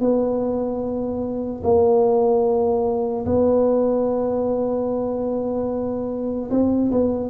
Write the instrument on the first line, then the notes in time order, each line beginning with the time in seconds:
tuba
0.00 B3
1.63 A#3
3.25 B3
6.50 C4
6.91 B3